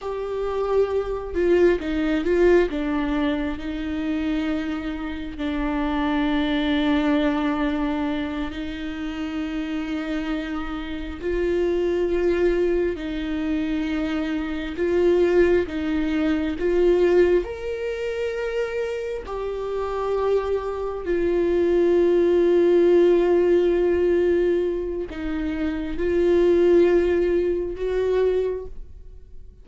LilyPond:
\new Staff \with { instrumentName = "viola" } { \time 4/4 \tempo 4 = 67 g'4. f'8 dis'8 f'8 d'4 | dis'2 d'2~ | d'4. dis'2~ dis'8~ | dis'8 f'2 dis'4.~ |
dis'8 f'4 dis'4 f'4 ais'8~ | ais'4. g'2 f'8~ | f'1 | dis'4 f'2 fis'4 | }